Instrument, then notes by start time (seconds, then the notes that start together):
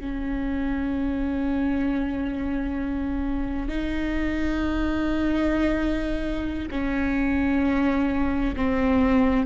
viola
0.00 C#4
3.69 D#4
6.71 C#4
8.56 C4